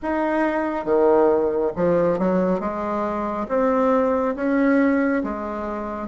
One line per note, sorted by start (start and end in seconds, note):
0.02 0.85 D#4
0.85 1.72 D#3
1.76 2.18 F3
2.18 2.60 F#3
2.60 3.47 G#3
3.48 4.35 C4
4.35 5.22 C#4
5.23 6.08 G#3